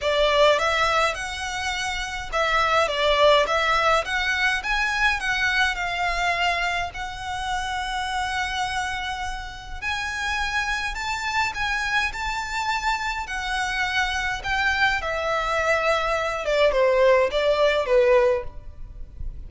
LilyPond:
\new Staff \with { instrumentName = "violin" } { \time 4/4 \tempo 4 = 104 d''4 e''4 fis''2 | e''4 d''4 e''4 fis''4 | gis''4 fis''4 f''2 | fis''1~ |
fis''4 gis''2 a''4 | gis''4 a''2 fis''4~ | fis''4 g''4 e''2~ | e''8 d''8 c''4 d''4 b'4 | }